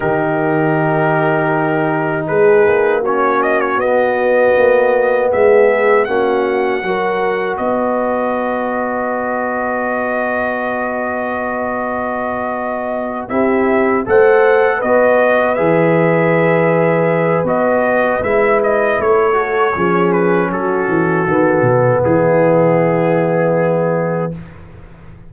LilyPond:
<<
  \new Staff \with { instrumentName = "trumpet" } { \time 4/4 \tempo 4 = 79 ais'2. b'4 | cis''8 dis''16 cis''16 dis''2 e''4 | fis''2 dis''2~ | dis''1~ |
dis''4. e''4 fis''4 dis''8~ | dis''8 e''2~ e''8 dis''4 | e''8 dis''8 cis''4. b'8 a'4~ | a'4 gis'2. | }
  \new Staff \with { instrumentName = "horn" } { \time 4/4 g'2. gis'4 | fis'2. gis'4 | fis'4 ais'4 b'2~ | b'1~ |
b'4. g'4 c''4 b'8~ | b'1~ | b'4. a'8 gis'4 fis'4~ | fis'4 e'2. | }
  \new Staff \with { instrumentName = "trombone" } { \time 4/4 dis'1 | cis'4 b2. | cis'4 fis'2.~ | fis'1~ |
fis'4. e'4 a'4 fis'8~ | fis'8 gis'2~ gis'8 fis'4 | e'4. fis'8 cis'2 | b1 | }
  \new Staff \with { instrumentName = "tuba" } { \time 4/4 dis2. gis8 ais8~ | ais4 b4 ais4 gis4 | ais4 fis4 b2~ | b1~ |
b4. c'4 a4 b8~ | b8 e2~ e8 b4 | gis4 a4 f4 fis8 e8 | dis8 b,8 e2. | }
>>